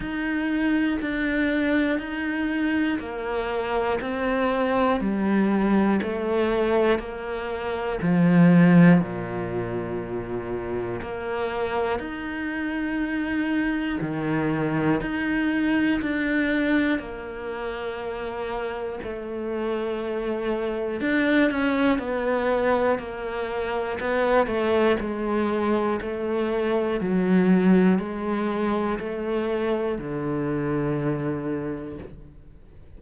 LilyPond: \new Staff \with { instrumentName = "cello" } { \time 4/4 \tempo 4 = 60 dis'4 d'4 dis'4 ais4 | c'4 g4 a4 ais4 | f4 ais,2 ais4 | dis'2 dis4 dis'4 |
d'4 ais2 a4~ | a4 d'8 cis'8 b4 ais4 | b8 a8 gis4 a4 fis4 | gis4 a4 d2 | }